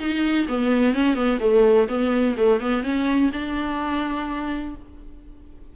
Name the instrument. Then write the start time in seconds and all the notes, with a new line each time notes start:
viola
0.00 D#4
0.49 B3
0.95 C#4
1.16 B3
1.40 A3
1.89 B3
2.38 A3
2.61 B3
2.84 C#4
3.33 D4